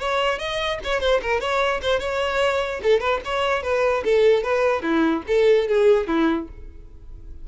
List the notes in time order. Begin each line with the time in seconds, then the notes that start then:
0.00 C#5
0.39 D#5
0.85 C#5
1.01 C5
1.22 A#4
1.41 C#5
1.82 C5
2.00 C#5
2.83 A4
3.01 B4
3.25 C#5
3.63 B4
4.05 A4
4.44 B4
4.83 E4
5.28 A4
5.68 G#4
6.08 E4